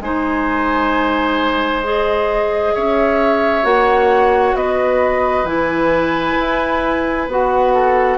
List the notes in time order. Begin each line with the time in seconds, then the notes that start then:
0.00 G#3 D#4 C5 G#5
1.83 G#4 D#5
2.74 C#4 C#5 E5
3.63 A#3 F#4 F#5
4.54 B3 B4 D#5
5.43 E3 E4 G#5
6.39 E4
7.27 B3 F#4 F#5
7.73 A4